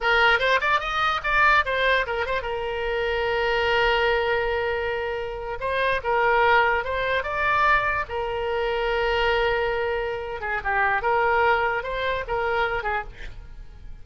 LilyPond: \new Staff \with { instrumentName = "oboe" } { \time 4/4 \tempo 4 = 147 ais'4 c''8 d''8 dis''4 d''4 | c''4 ais'8 c''8 ais'2~ | ais'1~ | ais'4.~ ais'16 c''4 ais'4~ ais'16~ |
ais'8. c''4 d''2 ais'16~ | ais'1~ | ais'4. gis'8 g'4 ais'4~ | ais'4 c''4 ais'4. gis'8 | }